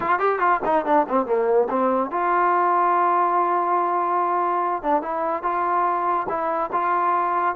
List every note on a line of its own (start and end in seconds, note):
0.00 0.19 F4
0.19 0.39 G4
0.39 0.60 F4
0.64 0.85 D#4
0.85 1.06 D4
1.09 1.26 C4
1.26 1.68 A#3
1.69 2.11 C4
2.11 4.82 F4
4.82 5.02 D4
5.02 5.42 E4
5.42 6.26 F4
6.28 6.70 E4
6.72 7.55 F4